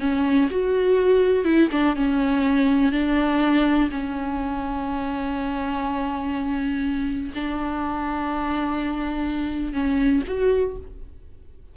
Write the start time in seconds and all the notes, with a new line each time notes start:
0.00 C#4
0.51 F#4
1.45 E4
1.71 D4
1.96 C#4
2.92 D4
3.91 C#4
7.35 D4
9.73 C#4
10.28 F#4